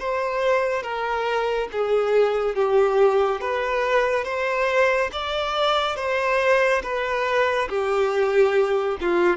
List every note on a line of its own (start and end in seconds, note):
0.00 0.83 C5
0.83 1.69 A#4
1.72 2.56 G#4
2.56 3.41 G4
3.41 4.25 B4
4.25 5.11 C5
5.13 5.96 D5
5.96 6.82 C5
6.83 7.69 B4
7.69 8.98 G4
9.01 9.37 F4